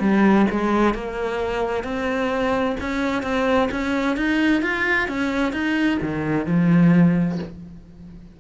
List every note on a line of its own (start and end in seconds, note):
0.00 0.46 G3
0.51 0.94 G#3
0.94 1.84 A#3
1.84 2.76 C4
2.80 3.23 C#4
3.23 3.69 C4
3.72 4.17 C#4
4.17 4.62 D#4
4.62 5.08 F4
5.08 5.53 C#4
5.53 5.99 D#4
6.02 6.47 D#3
6.47 7.39 F3